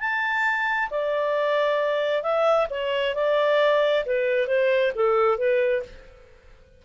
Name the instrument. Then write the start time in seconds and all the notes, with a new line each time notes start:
clarinet
0.00 A5
0.90 D5
2.23 E5
2.70 C#5
3.15 D5
4.06 B4
4.47 C5
4.95 A4
5.38 B4